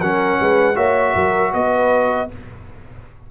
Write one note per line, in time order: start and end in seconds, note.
0.00 0.38 F#3
0.00 0.75 C#4
0.00 0.39 A#4
0.00 0.76 F#5
0.39 0.76 G#3
0.39 0.76 B4
0.75 1.15 A#3
0.75 2.29 F#4
0.75 1.14 C#5
0.75 1.53 E5
1.15 1.54 F#3
1.15 1.53 A#4
1.53 2.30 B3
1.53 2.30 B4
1.53 2.30 D#5